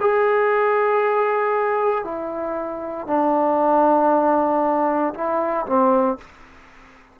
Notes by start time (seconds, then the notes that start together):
0.00 G#4
2.05 E4
3.07 D4
5.14 E4
5.66 C4